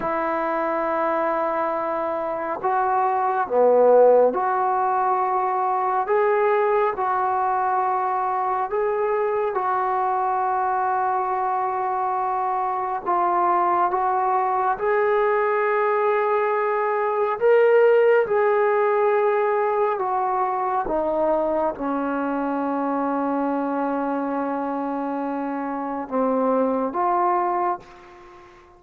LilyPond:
\new Staff \with { instrumentName = "trombone" } { \time 4/4 \tempo 4 = 69 e'2. fis'4 | b4 fis'2 gis'4 | fis'2 gis'4 fis'4~ | fis'2. f'4 |
fis'4 gis'2. | ais'4 gis'2 fis'4 | dis'4 cis'2.~ | cis'2 c'4 f'4 | }